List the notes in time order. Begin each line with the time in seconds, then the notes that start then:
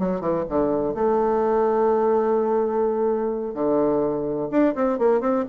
0.00 F#3
0.21 E3
0.50 D3
0.95 A3
3.55 D3
4.51 D4
4.76 C4
4.99 A#3
5.21 C4